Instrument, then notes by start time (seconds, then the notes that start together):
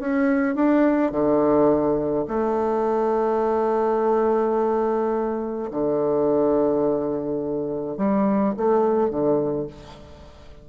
bassoon
0.00 C#4
0.55 D4
1.12 D3
2.28 A3
5.71 D3
7.98 G3
8.57 A3
9.10 D3